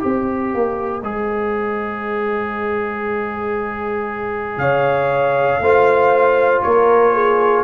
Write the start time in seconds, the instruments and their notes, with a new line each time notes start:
0.00 tuba C4, trombone G4, horn C5, trumpet D#5
0.54 tuba A#3
1.03 tuba G#3, trombone G#4
4.58 tuba C#3, horn C#5, trumpet F5
5.60 tuba A3, trombone F4, horn C5
6.62 tuba A#3, horn A#4, trumpet C#5
7.14 horn G#4